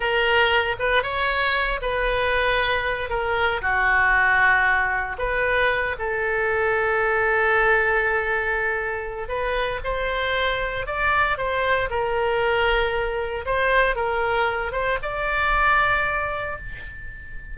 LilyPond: \new Staff \with { instrumentName = "oboe" } { \time 4/4 \tempo 4 = 116 ais'4. b'8 cis''4. b'8~ | b'2 ais'4 fis'4~ | fis'2 b'4. a'8~ | a'1~ |
a'2 b'4 c''4~ | c''4 d''4 c''4 ais'4~ | ais'2 c''4 ais'4~ | ais'8 c''8 d''2. | }